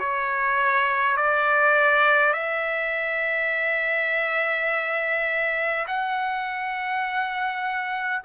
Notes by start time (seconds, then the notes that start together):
0.00 C#5
1.17 D5
2.34 E5
5.88 F#5